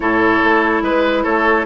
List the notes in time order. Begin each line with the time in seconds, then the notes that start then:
0.00 A2 E4 A4 C#5
0.43 A3
0.82 G#3 B4
1.23 A3 A4 C#5